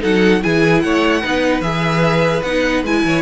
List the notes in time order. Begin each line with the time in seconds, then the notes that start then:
0.00 F#3 D#4 A4 F#5
0.42 E3 E4 G#4 G#5
0.81 A3 C#5 F#5
1.21 B3 D#4 B4
1.61 E3 G#4 E5
2.43 B3 D#4 F#5
2.83 G#3 E4 G#5
3.04 E3 C#5